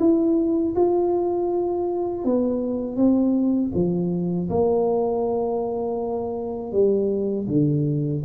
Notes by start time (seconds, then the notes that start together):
0.00 E4
0.76 F4
2.25 B3
2.97 C4
3.75 F3
4.50 A#3
6.72 G3
7.48 D3